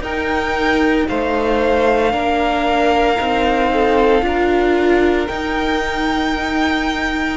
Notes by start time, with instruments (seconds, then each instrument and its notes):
0.00 cello D#4, viola D#4, violin A#4 G5
1.08 cello A3, violin C5 F5
2.11 cello A#3, viola D4, violin A#4
3.17 cello C4, viola D#4
3.73 violin A4
4.21 cello D4, viola F4, violin A#4
5.27 viola D#4, cello D#4, violin G5